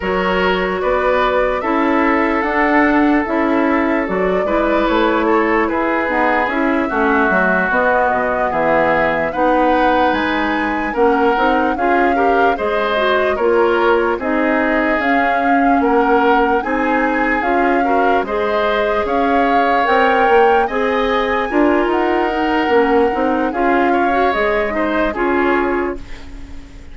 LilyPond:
<<
  \new Staff \with { instrumentName = "flute" } { \time 4/4 \tempo 4 = 74 cis''4 d''4 e''4 fis''4 | e''4 d''4 cis''4 b'4 | e''4. dis''4 e''4 fis''8~ | fis''8 gis''4 fis''4 f''4 dis''8~ |
dis''8 cis''4 dis''4 f''4 fis''8~ | fis''8 gis''4 f''4 dis''4 f''8~ | f''8 g''4 gis''4. fis''4~ | fis''4 f''4 dis''4 cis''4 | }
  \new Staff \with { instrumentName = "oboe" } { \time 4/4 ais'4 b'4 a'2~ | a'4. b'4 a'8 gis'4~ | gis'8 fis'2 gis'4 b'8~ | b'4. ais'4 gis'8 ais'8 c''8~ |
c''8 ais'4 gis'2 ais'8~ | ais'8 gis'4. ais'8 c''4 cis''8~ | cis''4. dis''4 ais'4.~ | ais'4 gis'8 cis''4 c''8 gis'4 | }
  \new Staff \with { instrumentName = "clarinet" } { \time 4/4 fis'2 e'4 d'4 | e'4 fis'8 e'2 b8 | e'8 cis'8 a8 b2 dis'8~ | dis'4. cis'8 dis'8 f'8 g'8 gis'8 |
fis'8 f'4 dis'4 cis'4.~ | cis'8 dis'4 f'8 fis'8 gis'4.~ | gis'8 ais'4 gis'4 f'4 dis'8 | cis'8 dis'8 f'8. fis'16 gis'8 dis'8 f'4 | }
  \new Staff \with { instrumentName = "bassoon" } { \time 4/4 fis4 b4 cis'4 d'4 | cis'4 fis8 gis8 a4 e'8 dis'8 | cis'8 a8 fis8 b8 b,8 e4 b8~ | b8 gis4 ais8 c'8 cis'4 gis8~ |
gis8 ais4 c'4 cis'4 ais8~ | ais8 c'4 cis'4 gis4 cis'8~ | cis'8 c'8 ais8 c'4 d'8 dis'4 | ais8 c'8 cis'4 gis4 cis'4 | }
>>